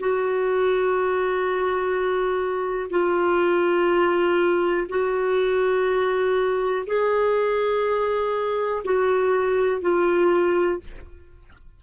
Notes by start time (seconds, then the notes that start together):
0.00 F#4
2.91 F4
4.89 F#4
6.87 G#4
8.85 F#4
9.82 F4